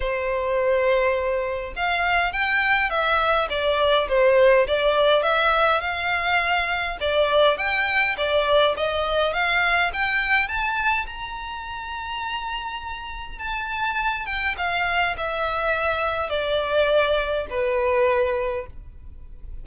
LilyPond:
\new Staff \with { instrumentName = "violin" } { \time 4/4 \tempo 4 = 103 c''2. f''4 | g''4 e''4 d''4 c''4 | d''4 e''4 f''2 | d''4 g''4 d''4 dis''4 |
f''4 g''4 a''4 ais''4~ | ais''2. a''4~ | a''8 g''8 f''4 e''2 | d''2 b'2 | }